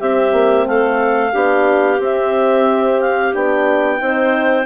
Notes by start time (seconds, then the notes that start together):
0.00 C4 G4 E5
0.33 A#3
0.66 A3 A4 F5
1.32 B3 D4 G4
2.00 C4 E5
3.01 F5
3.33 B3 D4 G5
3.99 C4 D#4 C5